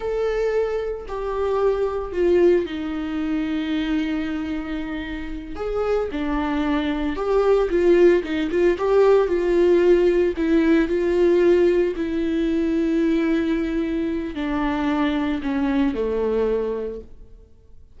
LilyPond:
\new Staff \with { instrumentName = "viola" } { \time 4/4 \tempo 4 = 113 a'2 g'2 | f'4 dis'2.~ | dis'2~ dis'8 gis'4 d'8~ | d'4. g'4 f'4 dis'8 |
f'8 g'4 f'2 e'8~ | e'8 f'2 e'4.~ | e'2. d'4~ | d'4 cis'4 a2 | }